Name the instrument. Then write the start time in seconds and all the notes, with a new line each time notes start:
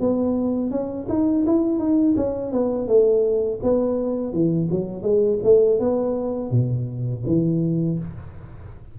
tuba
0.00 B3
0.71 C#4
1.09 D#4
1.46 E4
1.78 D#4
2.17 C#4
2.52 B3
2.88 A3
3.63 B3
4.33 E3
4.71 F#3
5.02 G#3
5.43 A3
5.79 B3
6.51 B2
7.26 E3